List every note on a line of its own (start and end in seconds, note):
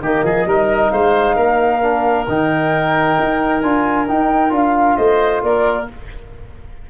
0.00 0.23 D#3
0.00 0.47 A#3
0.00 0.25 G4
0.00 0.90 D#5
0.24 0.46 F3
0.24 0.48 G#4
0.46 0.91 G3
0.46 1.81 D#4
0.46 0.92 A#4
0.90 1.36 G#3
0.90 1.36 C5
0.90 2.25 F5
1.36 2.26 A#3
1.36 4.96 A#4
1.81 2.26 D4
2.28 3.18 D#3
2.28 3.63 D#4
2.28 3.61 G5
3.19 3.63 D#4
3.61 4.08 D4
3.61 4.07 F4
3.61 4.06 G#5
4.07 4.50 D#4
4.07 4.52 D#4
4.07 4.53 G5
4.50 4.97 D4
4.50 5.85 F4
4.50 4.97 F5
4.97 5.42 A3
4.97 5.42 C5
4.97 5.42 D#5
5.42 5.88 A#3
5.42 5.90 A#4
5.42 5.88 D5